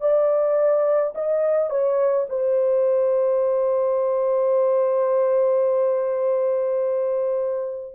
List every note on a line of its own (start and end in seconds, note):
0.00 1.13 D5
1.15 1.70 D#5
1.70 2.26 C#5
2.29 7.95 C5